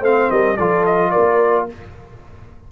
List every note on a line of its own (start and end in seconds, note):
0.00 0.29 A3
0.00 0.57 C4
0.00 0.28 C5
0.00 0.30 F5
0.30 0.58 G3
0.30 0.57 A#4
0.30 0.56 D#5
0.56 1.13 F3
0.56 1.69 F4
0.56 1.11 A4
0.56 0.84 D5
0.85 1.10 D#5
1.10 1.71 A#3
1.10 1.66 A#4
1.10 1.65 D5